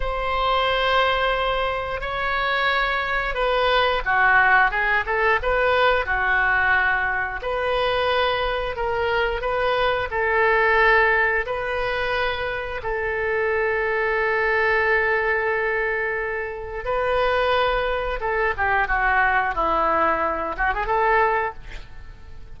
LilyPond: \new Staff \with { instrumentName = "oboe" } { \time 4/4 \tempo 4 = 89 c''2. cis''4~ | cis''4 b'4 fis'4 gis'8 a'8 | b'4 fis'2 b'4~ | b'4 ais'4 b'4 a'4~ |
a'4 b'2 a'4~ | a'1~ | a'4 b'2 a'8 g'8 | fis'4 e'4. fis'16 gis'16 a'4 | }